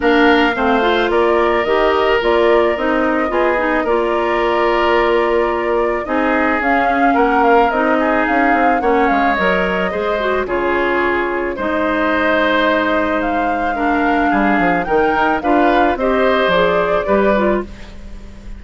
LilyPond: <<
  \new Staff \with { instrumentName = "flute" } { \time 4/4 \tempo 4 = 109 f''2 d''4 dis''4 | d''4 dis''2 d''4~ | d''2. dis''4 | f''4 fis''8 f''8 dis''4 f''4 |
fis''8 f''8 dis''2 cis''4~ | cis''4 dis''2. | f''2. g''4 | f''4 dis''4 d''2 | }
  \new Staff \with { instrumentName = "oboe" } { \time 4/4 ais'4 c''4 ais'2~ | ais'2 gis'4 ais'4~ | ais'2. gis'4~ | gis'4 ais'4. gis'4. |
cis''2 c''4 gis'4~ | gis'4 c''2.~ | c''4 ais'4 gis'4 ais'4 | b'4 c''2 b'4 | }
  \new Staff \with { instrumentName = "clarinet" } { \time 4/4 d'4 c'8 f'4. g'4 | f'4 dis'4 f'8 dis'8 f'4~ | f'2. dis'4 | cis'2 dis'2 |
cis'4 ais'4 gis'8 fis'8 f'4~ | f'4 dis'2.~ | dis'4 d'2 dis'4 | f'4 g'4 gis'4 g'8 f'8 | }
  \new Staff \with { instrumentName = "bassoon" } { \time 4/4 ais4 a4 ais4 dis4 | ais4 c'4 b4 ais4~ | ais2. c'4 | cis'4 ais4 c'4 cis'8 c'8 |
ais8 gis8 fis4 gis4 cis4~ | cis4 gis2.~ | gis2 g8 f8 dis8 dis'8 | d'4 c'4 f4 g4 | }
>>